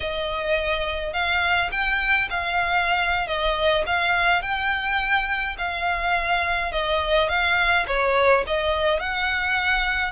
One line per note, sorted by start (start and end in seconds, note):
0.00 1.13 D#5
1.13 1.70 F5
1.71 2.28 G5
2.30 3.27 F5
3.27 3.84 D#5
3.86 4.42 F5
4.42 5.56 G5
5.58 6.71 F5
6.71 7.28 D#5
7.28 7.85 F5
7.87 8.44 C#5
8.46 8.99 D#5
8.99 10.11 F#5